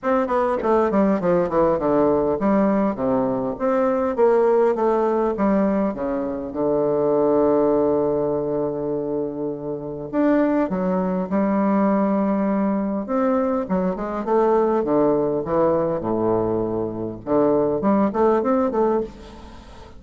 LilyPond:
\new Staff \with { instrumentName = "bassoon" } { \time 4/4 \tempo 4 = 101 c'8 b8 a8 g8 f8 e8 d4 | g4 c4 c'4 ais4 | a4 g4 cis4 d4~ | d1~ |
d4 d'4 fis4 g4~ | g2 c'4 fis8 gis8 | a4 d4 e4 a,4~ | a,4 d4 g8 a8 c'8 a8 | }